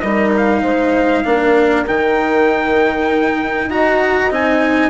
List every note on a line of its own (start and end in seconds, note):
0.00 0.63 G3
0.00 1.25 D#4
0.00 0.62 A#4
0.00 0.31 D#5
0.37 1.88 F5
0.62 1.24 G#3
0.62 1.23 C5
1.25 1.87 A#3
1.25 1.86 D4
1.25 3.68 A#4
1.87 3.69 D#3
1.87 3.71 D#4
1.87 3.71 G5
3.68 4.30 D#4
3.68 4.30 F#4
3.68 4.90 D#5
3.68 4.32 A#5
4.30 4.90 C4
4.30 4.90 D#4
4.30 4.90 G#5